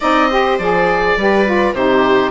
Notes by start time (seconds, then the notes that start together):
0.00 C4 D#4 D5 D#5
0.28 G4 C5
0.58 F3 G#4 D5
1.16 G3 G4 B4
1.45 F4
1.73 C3 D#4 G4 C5